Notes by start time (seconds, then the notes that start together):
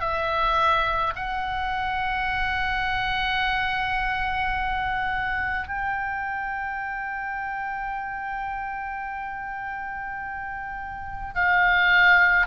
0.00 E5
1.15 F#5
5.68 G5
11.35 F5